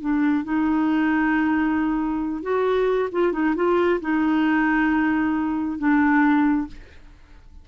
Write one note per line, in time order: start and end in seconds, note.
0.00 0.43 D4
0.43 2.42 D#4
2.42 3.09 F#4
3.12 3.32 F4
3.32 3.54 D#4
3.55 4.00 F4
4.00 5.78 D#4
5.78 6.67 D4